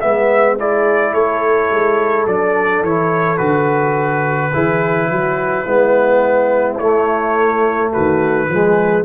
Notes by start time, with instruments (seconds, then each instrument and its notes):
0.00 tuba G#3, trombone B3, horn E5, trumpet E5
0.59 trombone E4, horn G#4, trumpet D5
1.14 tuba A3, horn A4, trumpet C#5
1.71 tuba G#3
2.26 tuba F#3, trombone D4, trumpet D5
2.82 tuba E3, trombone E4, trumpet C#5
3.37 tuba D3, trombone F#4, trumpet B4
4.54 tuba E3, trombone E4, horn G#4
5.11 tuba F#3, horn F#4
5.66 tuba G#3, trombone B3, horn E4
6.79 tuba A3, trombone A3, trumpet C#5
7.93 tuba D#3, horn F#4, trumpet B4
8.49 tuba F3, trombone G#3, horn G#4